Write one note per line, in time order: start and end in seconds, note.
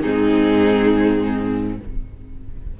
0.00 1.80 G#2
0.00 1.78 C4
0.00 1.76 D#4
0.00 1.75 G#4